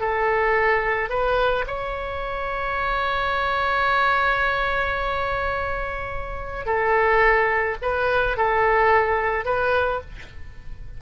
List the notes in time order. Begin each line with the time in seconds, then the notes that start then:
0.00 A4
1.09 B4
1.67 C#5
6.66 A4
7.82 B4
8.37 A4
9.45 B4